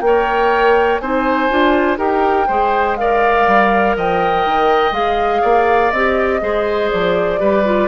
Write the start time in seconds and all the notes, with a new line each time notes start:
0.00 A#3 A#4 G5
0.06 C#5
0.99 C4 D#4 C5 G#5
1.50 D4 F4
1.97 D#4 G4 A#4 G5
2.47 G#3 G#4 C5
2.97 A#4 D5 F5
3.47 G3
3.96 F3 D#5 G5
4.45 D#3
4.91 G#3 G#4 F5
5.42 A#3 D5
5.91 C4 G4 D#5
6.41 G#3 G#4 C5
6.90 F3 D5
7.38 G3 G4 B4
7.65 F4